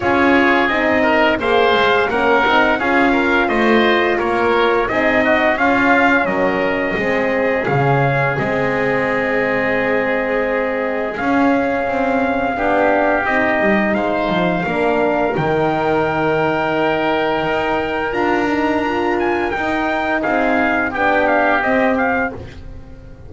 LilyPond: <<
  \new Staff \with { instrumentName = "trumpet" } { \time 4/4 \tempo 4 = 86 cis''4 dis''4 f''4 fis''4 | f''4 dis''4 cis''4 dis''4 | f''4 dis''2 f''4 | dis''1 |
f''2. dis''4 | f''2 g''2~ | g''2 ais''4. gis''8 | g''4 f''4 g''8 f''8 dis''8 f''8 | }
  \new Staff \with { instrumentName = "oboe" } { \time 4/4 gis'4. ais'8 c''4 ais'4 | gis'8 ais'8 c''4 ais'4 gis'8 fis'8 | f'4 ais'4 gis'2~ | gis'1~ |
gis'2 g'2 | c''4 ais'2.~ | ais'1~ | ais'4 gis'4 g'2 | }
  \new Staff \with { instrumentName = "horn" } { \time 4/4 f'4 dis'4 gis'4 cis'8 dis'8 | f'2. dis'4 | cis'2 c'4 cis'4 | c'1 |
cis'2 d'4 dis'4~ | dis'4 d'4 dis'2~ | dis'2 f'8 dis'8 f'4 | dis'2 d'4 c'4 | }
  \new Staff \with { instrumentName = "double bass" } { \time 4/4 cis'4 c'4 ais8 gis8 ais8 c'8 | cis'4 a4 ais4 c'4 | cis'4 fis4 gis4 cis4 | gis1 |
cis'4 c'4 b4 c'8 g8 | gis8 f8 ais4 dis2~ | dis4 dis'4 d'2 | dis'4 c'4 b4 c'4 | }
>>